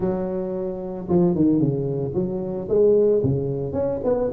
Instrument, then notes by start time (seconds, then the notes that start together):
tuba
0.00 F#3
1.08 F3
1.35 D#3
1.59 C#3
2.14 F#3
2.69 G#3
3.23 C#3
3.72 C#4
4.03 B3